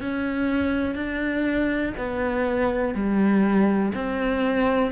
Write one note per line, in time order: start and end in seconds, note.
0.00 0.95 C#4
0.95 1.93 D4
1.97 2.94 B3
2.94 3.92 G3
3.94 4.91 C4